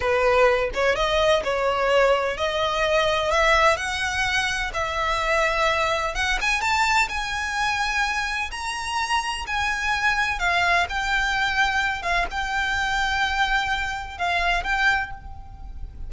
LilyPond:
\new Staff \with { instrumentName = "violin" } { \time 4/4 \tempo 4 = 127 b'4. cis''8 dis''4 cis''4~ | cis''4 dis''2 e''4 | fis''2 e''2~ | e''4 fis''8 gis''8 a''4 gis''4~ |
gis''2 ais''2 | gis''2 f''4 g''4~ | g''4. f''8 g''2~ | g''2 f''4 g''4 | }